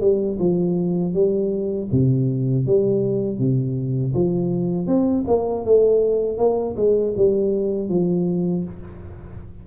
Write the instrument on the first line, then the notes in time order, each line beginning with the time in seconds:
tuba
0.00 G3
0.39 F3
1.14 G3
1.92 C3
2.66 G3
3.38 C3
4.14 F3
4.87 C4
5.27 A#3
5.65 A3
6.38 A#3
6.76 G#3
7.16 G3
7.89 F3